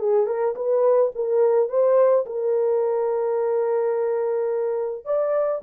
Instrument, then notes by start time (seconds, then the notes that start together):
horn
0.00 G#4
0.27 A#4
0.56 B4
1.15 A#4
1.69 C5
2.26 A#4
5.06 D5